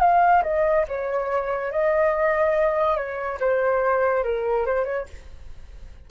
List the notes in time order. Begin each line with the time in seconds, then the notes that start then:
0.00 F5
0.43 D#5
0.88 C#5
1.71 D#5
2.97 C#5
3.40 C5
4.24 A#4
4.66 C5
4.85 C#5